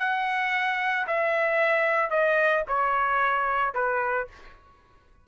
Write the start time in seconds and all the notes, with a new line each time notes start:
0.00 F#5
1.07 E5
2.11 D#5
2.68 C#5
3.75 B4